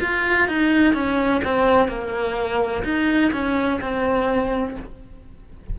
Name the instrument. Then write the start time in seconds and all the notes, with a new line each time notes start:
cello
0.00 F4
0.48 D#4
0.94 C#4
1.44 C4
1.88 A#3
2.84 D#4
3.32 C#4
3.81 C4